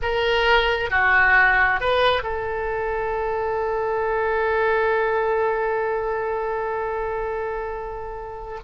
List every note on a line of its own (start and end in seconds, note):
0.01 0.90 A#4
0.90 1.80 F#4
1.80 2.22 B4
2.22 8.59 A4